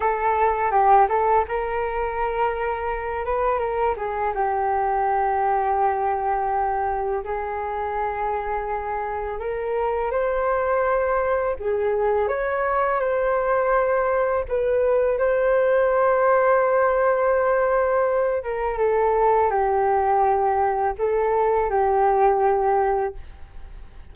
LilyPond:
\new Staff \with { instrumentName = "flute" } { \time 4/4 \tempo 4 = 83 a'4 g'8 a'8 ais'2~ | ais'8 b'8 ais'8 gis'8 g'2~ | g'2 gis'2~ | gis'4 ais'4 c''2 |
gis'4 cis''4 c''2 | b'4 c''2.~ | c''4. ais'8 a'4 g'4~ | g'4 a'4 g'2 | }